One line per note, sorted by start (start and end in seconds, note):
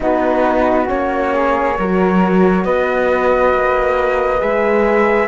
0.00 0.89 B3
0.00 0.86 D#4
0.00 1.33 F#4
0.00 0.89 B4
0.86 1.78 A#3
0.86 1.74 C#4
0.86 2.64 C#5
1.33 1.77 G#4
1.78 2.65 F#3
1.78 4.39 F#4
1.78 2.65 A#4
2.64 3.53 B3
2.64 5.27 B4
2.64 4.41 D#5
3.53 4.41 A#3
4.39 5.27 G#3
4.39 5.27 G#4
4.39 5.27 E5